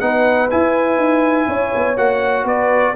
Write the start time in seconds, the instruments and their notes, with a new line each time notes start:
0.00 tuba B3, trombone D#4, horn B4, trumpet F#5
0.50 trombone E4, tuba E4, trumpet G#5
0.97 tuba D#4
1.47 tuba C#4, horn C#5
1.75 tuba B3
1.97 tuba A#3, trombone F#4, trumpet F#5
2.44 tuba B3, horn B4, trumpet D5